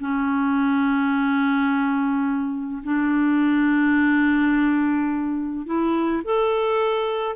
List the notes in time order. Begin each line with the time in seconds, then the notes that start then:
0.00 C#4
2.84 D4
5.66 E4
6.25 A4